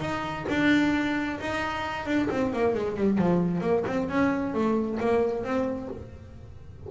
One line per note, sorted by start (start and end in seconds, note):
0.00 0.45 D#4
0.49 1.39 D4
1.40 2.06 D#4
2.06 2.28 D4
2.30 2.53 C4
2.53 2.74 A#3
2.74 2.96 G#3
2.96 3.18 G3
3.18 3.61 F3
3.61 3.83 A#3
3.86 4.09 C4
4.09 4.53 C#4
4.53 4.98 A3
5.00 5.43 A#3
5.43 5.89 C4